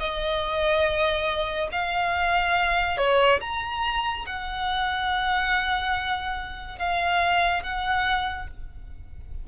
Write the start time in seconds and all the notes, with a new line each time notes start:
0.00 D#5
1.72 F5
2.98 C#5
3.41 A#5
4.27 F#5
6.79 F5
7.64 F#5